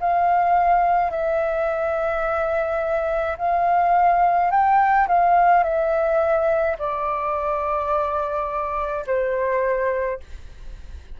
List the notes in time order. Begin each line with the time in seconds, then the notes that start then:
0.00 F5
1.10 E5
3.38 F5
4.51 G5
5.07 F5
5.63 E5
6.78 D5
9.07 C5